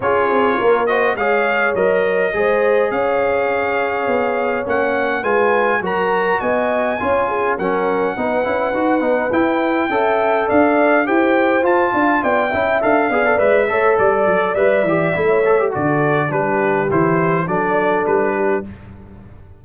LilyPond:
<<
  \new Staff \with { instrumentName = "trumpet" } { \time 4/4 \tempo 4 = 103 cis''4. dis''8 f''4 dis''4~ | dis''4 f''2. | fis''4 gis''4 ais''4 gis''4~ | gis''4 fis''2. |
g''2 f''4 g''4 | a''4 g''4 f''4 e''4 | d''4 e''2 d''4 | b'4 c''4 d''4 b'4 | }
  \new Staff \with { instrumentName = "horn" } { \time 4/4 gis'4 ais'8 c''8 cis''2 | c''4 cis''2.~ | cis''4 b'4 ais'4 dis''4 | cis''8 gis'8 ais'4 b'2~ |
b'4 e''4 d''4 c''4~ | c''8 f''8 d''8 e''4 d''4 cis''8 | d''2~ d''16 cis''8. a'4 | g'2 a'4. g'8 | }
  \new Staff \with { instrumentName = "trombone" } { \time 4/4 f'4. fis'8 gis'4 ais'4 | gis'1 | cis'4 f'4 fis'2 | f'4 cis'4 dis'8 e'8 fis'8 dis'8 |
e'4 a'2 g'4 | f'4. e'8 a'8 gis'16 a'16 b'8 a'8~ | a'4 b'8 g'8 e'8 a'16 g'16 fis'4 | d'4 e'4 d'2 | }
  \new Staff \with { instrumentName = "tuba" } { \time 4/4 cis'8 c'8 ais4 gis4 fis4 | gis4 cis'2 b4 | ais4 gis4 fis4 b4 | cis'4 fis4 b8 cis'8 dis'8 b8 |
e'4 cis'4 d'4 e'4 | f'8 d'8 b8 cis'8 d'8 b8 gis8 a8 | g8 fis8 g8 e8 a4 d4 | g4 e4 fis4 g4 | }
>>